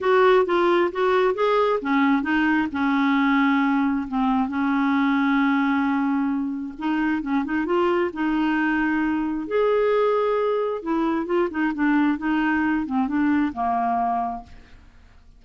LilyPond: \new Staff \with { instrumentName = "clarinet" } { \time 4/4 \tempo 4 = 133 fis'4 f'4 fis'4 gis'4 | cis'4 dis'4 cis'2~ | cis'4 c'4 cis'2~ | cis'2. dis'4 |
cis'8 dis'8 f'4 dis'2~ | dis'4 gis'2. | e'4 f'8 dis'8 d'4 dis'4~ | dis'8 c'8 d'4 ais2 | }